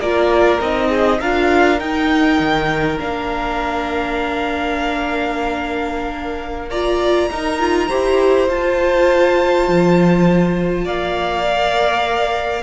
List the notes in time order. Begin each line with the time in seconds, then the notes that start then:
0.00 A#3 F4 A#4 D5
0.60 C4 D#4 D#5
0.89 G#4
1.21 D4 F4 A#4 F5
1.79 D#4 G5
2.40 D#3
2.99 A#3 D4 F5
6.70 F4 D5 A#5
7.30 D#4 A#4
7.60 F4
7.89 E4 G4 C5
8.49 F4 A5
9.69 F3
10.85 A#3 D5 F5
11.46 A#4